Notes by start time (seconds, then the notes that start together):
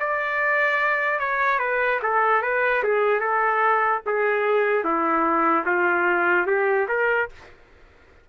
0.00 D5
1.19 C#5
1.59 B4
2.03 A4
2.42 B4
2.83 G#4
3.20 A4
4.06 G#4
4.84 E4
5.66 F4
6.47 G4
6.88 A#4